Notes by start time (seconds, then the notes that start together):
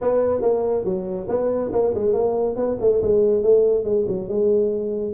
0.01 B3
0.41 A#3
0.84 F#3
1.28 B3
1.72 A#3
1.94 G#3
2.13 A#3
2.55 B3
2.80 A3
3.02 G#3
3.42 A3
3.84 G#3
4.08 F#3
4.28 G#3